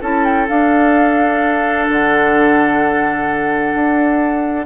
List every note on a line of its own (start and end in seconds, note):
0.00 0.48 C#4
0.00 0.47 E4
0.00 4.65 A4
0.00 0.24 A5
0.24 0.47 G5
0.47 4.66 D4
0.47 1.89 D4
0.47 1.87 F5
1.87 3.74 D3
1.87 4.66 F#5
3.74 4.66 D4